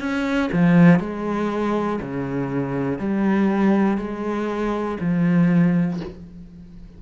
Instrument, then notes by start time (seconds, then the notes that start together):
cello
0.00 C#4
0.53 F3
1.00 G#3
2.01 C#3
2.99 G3
3.98 G#3
5.00 F3